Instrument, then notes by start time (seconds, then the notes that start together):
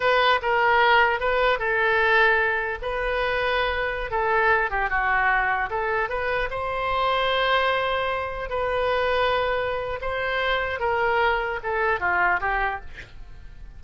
oboe
0.00 B4
0.41 A#4
1.20 B4
1.59 A4
2.82 B4
4.11 A4
4.70 G4
4.89 F#4
5.70 A4
6.09 B4
6.50 C5
8.49 B4
10.01 C5
10.79 A#4
11.63 A4
12.00 F4
12.40 G4